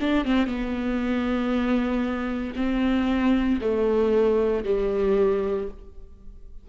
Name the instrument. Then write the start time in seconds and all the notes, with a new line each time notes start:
viola
0.00 D4
0.24 C4
0.46 B3
2.56 C4
3.61 A3
4.64 G3